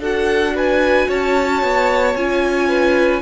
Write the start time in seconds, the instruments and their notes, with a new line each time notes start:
0.00 cello D4, viola F#4, violin A4 F#5
0.55 violin B4 G#5
1.08 cello C#4, violin C#5 A5
1.63 cello B3
2.15 cello C#4, viola F4, violin G#5
2.68 violin B4